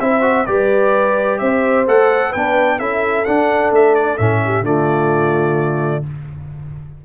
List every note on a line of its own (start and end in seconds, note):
0.00 0.47 C4
0.00 0.22 E4
0.00 0.47 C5
0.00 0.46 E5
0.22 0.45 F#4
0.46 1.41 G3
0.46 1.86 G4
0.46 1.40 B4
0.46 1.38 D5
1.38 1.87 C4
1.38 2.29 C5
1.38 1.85 E5
1.87 2.34 A3
1.87 2.34 A4
1.87 2.33 F#5
2.29 2.79 B3
2.29 2.76 B4
2.29 2.79 G5
2.37 2.79 D4
2.78 3.26 C#4
2.78 3.26 E4
2.78 4.41 A4
2.78 3.25 E5
3.25 4.18 D4
3.25 3.71 D4
3.25 3.71 F#5
3.71 4.18 A3
3.71 3.95 E5
3.95 4.17 D5
4.17 4.61 A2
4.17 4.64 C#4
4.17 4.64 E5
4.44 4.64 G4
4.61 6.01 D3
4.61 6.03 A3
4.61 6.03 F4
4.61 6.05 D5